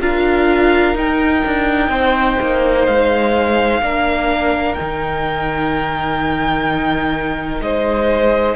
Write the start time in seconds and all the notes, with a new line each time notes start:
0.00 D4 F4 A#4 F5
0.95 D#4 G5
1.46 D4
1.88 C4 C5
2.41 A#3
2.86 G#3 F5
3.81 A#3 D4 A#4
4.75 D#3 D#4 G5
7.61 G#3 C5 D#5